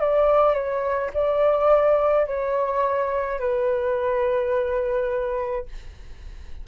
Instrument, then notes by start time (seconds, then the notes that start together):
flute
0.00 D5
0.54 C#5
1.14 D5
2.26 C#5
3.40 B4